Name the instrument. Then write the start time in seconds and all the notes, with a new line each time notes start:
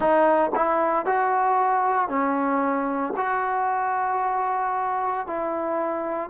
trombone
0.00 D#4
0.55 E4
1.05 F#4
2.08 C#4
3.16 F#4
5.26 E4